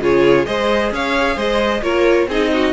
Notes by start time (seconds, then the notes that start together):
0.00 C#3 F4 G#4 C#5
0.45 G#3 G#4 C5 D#5
0.91 C#4 C#5 F5
1.35 G#3 C5 D#5
1.81 A#3 F4 A#4 C#5
2.27 C4 D#4 G#4 D#5
2.53 F#4